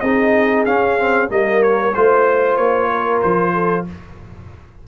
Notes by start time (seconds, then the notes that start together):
0.00 C4 D#4 G#4 D#5
0.65 C#4 F5
0.99 C4
1.28 G3 A#3 A#4 D#5
1.62 C#5
1.94 A3 F4 C5
2.57 A#3 C#5
2.90 A#4
3.21 F3 C5
3.53 A4